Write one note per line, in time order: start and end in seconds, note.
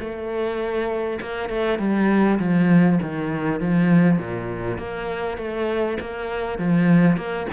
0.00 1.20 A3
1.22 1.50 A#3
1.50 1.79 A3
1.79 2.39 G3
2.39 2.99 F3
3.02 3.61 D#3
3.61 4.19 F3
4.19 4.78 A#2
4.78 5.38 A#3
5.38 5.98 A3
6.01 6.59 A#3
6.59 7.17 F3
7.17 7.47 A#3